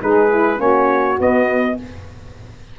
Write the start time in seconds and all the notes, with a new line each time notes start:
0.00 G#3 D#4 G#4 B4
0.29 E4
0.56 A#3 C#4 F#4 C#5
1.18 B3 D#5